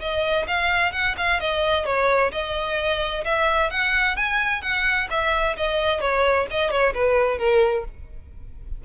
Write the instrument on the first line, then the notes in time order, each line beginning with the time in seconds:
violin
0.00 D#5
0.47 F5
0.92 F#5
1.17 F5
1.40 D#5
1.85 C#5
2.31 D#5
3.25 E5
3.70 F#5
4.16 G#5
4.62 F#5
5.10 E5
5.56 D#5
6.00 C#5
6.51 D#5
6.70 C#5
6.94 B4
7.38 A#4